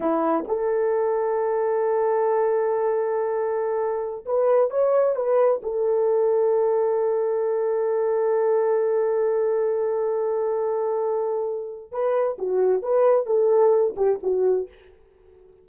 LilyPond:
\new Staff \with { instrumentName = "horn" } { \time 4/4 \tempo 4 = 131 e'4 a'2.~ | a'1~ | a'4~ a'16 b'4 cis''4 b'8.~ | b'16 a'2.~ a'8.~ |
a'1~ | a'1~ | a'2 b'4 fis'4 | b'4 a'4. g'8 fis'4 | }